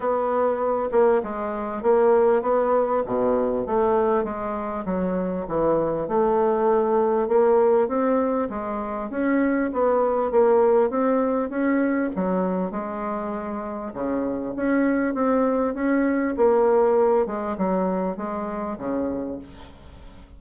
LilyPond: \new Staff \with { instrumentName = "bassoon" } { \time 4/4 \tempo 4 = 99 b4. ais8 gis4 ais4 | b4 b,4 a4 gis4 | fis4 e4 a2 | ais4 c'4 gis4 cis'4 |
b4 ais4 c'4 cis'4 | fis4 gis2 cis4 | cis'4 c'4 cis'4 ais4~ | ais8 gis8 fis4 gis4 cis4 | }